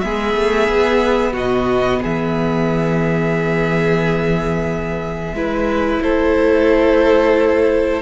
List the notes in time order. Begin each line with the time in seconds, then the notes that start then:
0.00 G#3 B3 G#4 E5
0.35 A3
0.69 B3
1.33 B2 F#4 D#5
2.02 E3 G#4 E5
5.33 G#3 E4 B4
6.02 A3 A4 C5